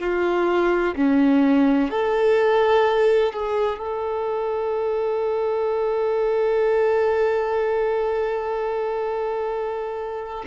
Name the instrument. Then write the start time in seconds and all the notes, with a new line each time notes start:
violin
0.00 F4
0.96 C#4
1.91 A4
3.33 G#4
3.78 A4